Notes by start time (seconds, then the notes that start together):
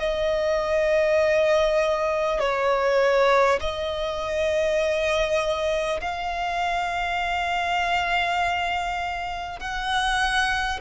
0.00 D#5
2.39 C#5
3.61 D#5
6.01 F5
9.60 F#5